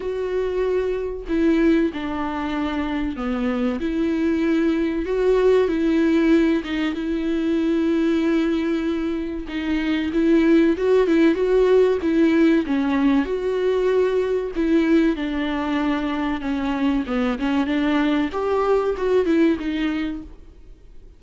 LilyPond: \new Staff \with { instrumentName = "viola" } { \time 4/4 \tempo 4 = 95 fis'2 e'4 d'4~ | d'4 b4 e'2 | fis'4 e'4. dis'8 e'4~ | e'2. dis'4 |
e'4 fis'8 e'8 fis'4 e'4 | cis'4 fis'2 e'4 | d'2 cis'4 b8 cis'8 | d'4 g'4 fis'8 e'8 dis'4 | }